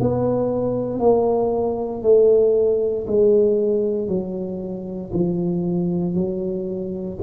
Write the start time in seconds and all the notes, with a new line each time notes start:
0.00 B3
0.99 A#3
2.02 A3
3.07 G#3
4.08 F#3
5.13 F3
6.15 F#3